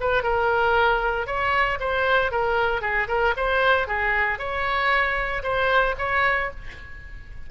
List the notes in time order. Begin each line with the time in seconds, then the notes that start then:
0.00 B4
0.23 A#4
1.26 C#5
1.80 C5
2.31 A#4
2.81 G#4
3.08 A#4
3.36 C5
3.88 G#4
4.38 C#5
5.43 C5
5.98 C#5